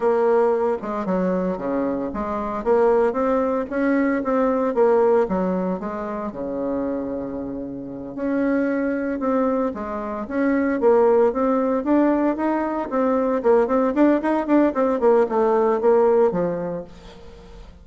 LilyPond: \new Staff \with { instrumentName = "bassoon" } { \time 4/4 \tempo 4 = 114 ais4. gis8 fis4 cis4 | gis4 ais4 c'4 cis'4 | c'4 ais4 fis4 gis4 | cis2.~ cis8 cis'8~ |
cis'4. c'4 gis4 cis'8~ | cis'8 ais4 c'4 d'4 dis'8~ | dis'8 c'4 ais8 c'8 d'8 dis'8 d'8 | c'8 ais8 a4 ais4 f4 | }